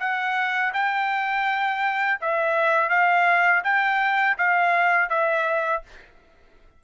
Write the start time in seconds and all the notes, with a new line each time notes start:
0.00 F#5
0.74 G5
2.21 E5
2.90 F5
3.64 G5
4.38 F5
5.10 E5